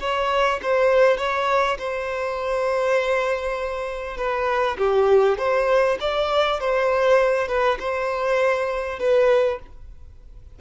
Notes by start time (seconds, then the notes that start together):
0.00 C#5
0.62 C5
1.17 C#5
1.78 C5
4.17 B4
4.78 G4
5.38 C5
6.00 D5
6.60 C5
7.48 B4
7.79 C5
8.99 B4